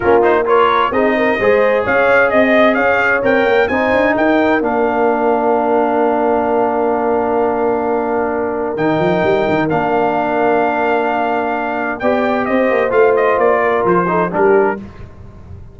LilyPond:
<<
  \new Staff \with { instrumentName = "trumpet" } { \time 4/4 \tempo 4 = 130 ais'8 c''8 cis''4 dis''2 | f''4 dis''4 f''4 g''4 | gis''4 g''4 f''2~ | f''1~ |
f''2. g''4~ | g''4 f''2.~ | f''2 g''4 dis''4 | f''8 dis''8 d''4 c''4 ais'4 | }
  \new Staff \with { instrumentName = "horn" } { \time 4/4 f'4 ais'4 gis'8 ais'8 c''4 | cis''4 dis''4 cis''2 | c''4 ais'2.~ | ais'1~ |
ais'1~ | ais'1~ | ais'2 d''4 c''4~ | c''4. ais'4 a'8 g'4 | }
  \new Staff \with { instrumentName = "trombone" } { \time 4/4 cis'8 dis'8 f'4 dis'4 gis'4~ | gis'2. ais'4 | dis'2 d'2~ | d'1~ |
d'2. dis'4~ | dis'4 d'2.~ | d'2 g'2 | f'2~ f'8 dis'8 d'4 | }
  \new Staff \with { instrumentName = "tuba" } { \time 4/4 ais2 c'4 gis4 | cis'4 c'4 cis'4 c'8 ais8 | c'8 d'8 dis'4 ais2~ | ais1~ |
ais2. dis8 f8 | g8 dis8 ais2.~ | ais2 b4 c'8 ais8 | a4 ais4 f4 g4 | }
>>